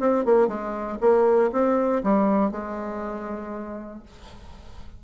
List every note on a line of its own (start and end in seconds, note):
0.00 0.25 C4
0.25 0.48 A#3
0.48 0.98 G#3
1.01 1.51 A#3
1.52 2.03 C4
2.03 2.51 G3
2.51 4.03 G#3